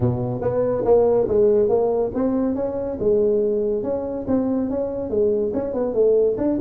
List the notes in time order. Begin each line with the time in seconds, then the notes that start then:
0.00 B2
0.41 B3
0.84 A#3
1.28 G#3
1.68 A#3
2.14 C4
2.55 C#4
2.99 G#3
3.83 C#4
4.27 C4
4.70 C#4
5.09 G#3
5.53 C#4
5.73 B3
5.93 A3
6.37 D4